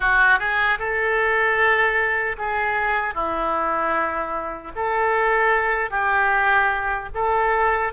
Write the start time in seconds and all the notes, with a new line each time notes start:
0.00 F#4
0.39 G#4
0.78 A4
2.38 G#4
3.14 E4
4.75 A4
5.90 G4
7.14 A4